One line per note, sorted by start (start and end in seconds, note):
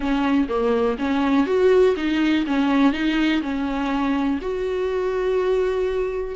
0.00 0.47 C#4
0.49 0.97 A#3
0.98 1.46 C#4
1.46 1.95 F#4
1.96 2.45 D#4
2.46 2.92 C#4
2.92 3.41 D#4
3.42 4.39 C#4
4.41 6.35 F#4